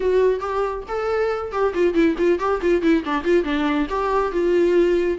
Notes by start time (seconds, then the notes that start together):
0.00 F#4
0.40 G4
0.88 A4
1.51 G4
1.74 F4
1.93 E4
2.17 F4
2.39 G4
2.61 F4
2.82 E4
3.04 D4
3.24 F4
3.44 D4
3.89 G4
4.32 F4